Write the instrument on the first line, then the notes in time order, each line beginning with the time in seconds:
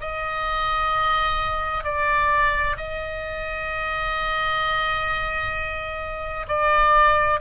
oboe
0.00 D#5
1.84 D5
2.77 D#5
6.47 D5